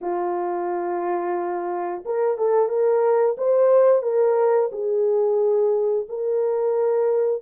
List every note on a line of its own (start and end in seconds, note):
0.01 2.03 F4
2.05 2.37 A#4
2.37 2.68 A4
2.68 3.36 A#4
3.37 4.02 C5
4.02 4.69 A#4
4.72 6.06 G#4
6.08 7.42 A#4